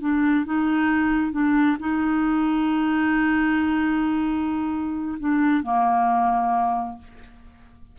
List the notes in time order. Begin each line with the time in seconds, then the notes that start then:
0.00 D4
0.45 D#4
1.32 D4
1.79 D#4
5.19 D4
5.63 A#3